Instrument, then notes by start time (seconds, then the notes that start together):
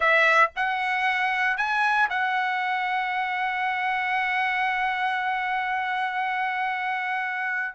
trumpet
0.00 E5
0.55 F#5
1.57 G#5
2.09 F#5